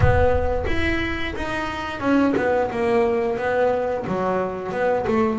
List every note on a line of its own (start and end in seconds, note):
0.00 0.65 B3
0.66 1.34 E4
1.35 2.00 D#4
2.00 2.34 C#4
2.36 2.70 B3
2.70 3.37 A#3
3.37 4.04 B3
4.07 4.72 F#3
4.72 5.05 B3
5.07 5.39 A3